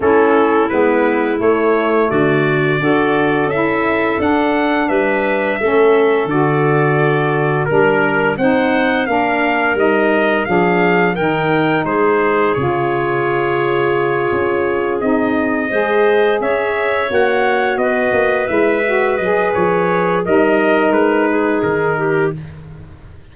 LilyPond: <<
  \new Staff \with { instrumentName = "trumpet" } { \time 4/4 \tempo 4 = 86 a'4 b'4 cis''4 d''4~ | d''4 e''4 fis''4 e''4~ | e''4 d''2 ais'4 | fis''4 f''4 dis''4 f''4 |
g''4 c''4 cis''2~ | cis''4. dis''2 e''8~ | e''8 fis''4 dis''4 e''4 dis''8 | cis''4 dis''4 b'4 ais'4 | }
  \new Staff \with { instrumentName = "clarinet" } { \time 4/4 e'2. fis'4 | a'2. b'4 | a'2. ais'4 | c''4 ais'2 gis'4 |
ais'4 gis'2.~ | gis'2~ gis'8 c''4 cis''8~ | cis''4. b'2~ b'8~ | b'4 ais'4. gis'4 g'8 | }
  \new Staff \with { instrumentName = "saxophone" } { \time 4/4 cis'4 b4 a2 | fis'4 e'4 d'2 | cis'4 fis'2 d'4 | dis'4 d'4 dis'4 d'4 |
dis'2 f'2~ | f'4. dis'4 gis'4.~ | gis'8 fis'2 e'8 fis'8 gis'8~ | gis'4 dis'2. | }
  \new Staff \with { instrumentName = "tuba" } { \time 4/4 a4 gis4 a4 d4 | d'4 cis'4 d'4 g4 | a4 d2 g4 | c'4 ais4 g4 f4 |
dis4 gis4 cis2~ | cis8 cis'4 c'4 gis4 cis'8~ | cis'8 ais4 b8 ais8 gis4 fis8 | f4 g4 gis4 dis4 | }
>>